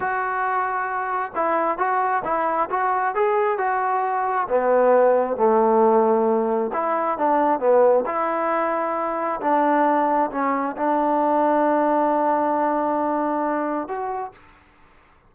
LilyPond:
\new Staff \with { instrumentName = "trombone" } { \time 4/4 \tempo 4 = 134 fis'2. e'4 | fis'4 e'4 fis'4 gis'4 | fis'2 b2 | a2. e'4 |
d'4 b4 e'2~ | e'4 d'2 cis'4 | d'1~ | d'2. fis'4 | }